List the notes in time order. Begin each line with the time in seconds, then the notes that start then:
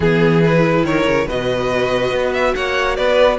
0.00 E3 B3 G#4
0.43 E4 B4
0.84 D#3 A#4 C#5
1.05 C#3
1.26 B2 F#4 B4 D#5
2.11 B3
2.33 E5
2.55 A#3 C#5 F#5
2.96 B3 B4 D5